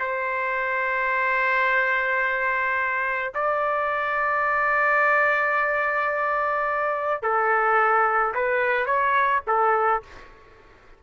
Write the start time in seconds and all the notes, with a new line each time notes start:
0.00 C5
3.35 D5
7.23 A4
8.35 B4
8.86 C#5
9.47 A4